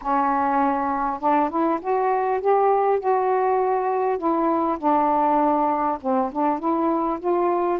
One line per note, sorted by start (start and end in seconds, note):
0.01 1.20 C#4
1.20 1.49 D4
1.49 1.79 E4
1.81 2.41 F#4
2.41 2.99 G4
2.99 4.18 F#4
4.18 4.78 E4
4.78 5.98 D4
6.01 6.31 C4
6.32 6.59 D4
6.59 7.19 E4
7.19 7.79 F4